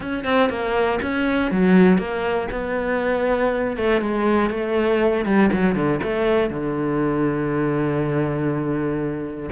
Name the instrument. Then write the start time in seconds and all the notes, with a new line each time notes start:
cello
0.00 C#4
0.24 C4
0.49 A#3
1.02 C#4
1.51 F#3
1.97 A#3
2.51 B3
3.76 A3
4.01 G#3
4.50 A3
5.25 G3
5.52 F#3
5.75 D3
6.03 A3
6.50 D3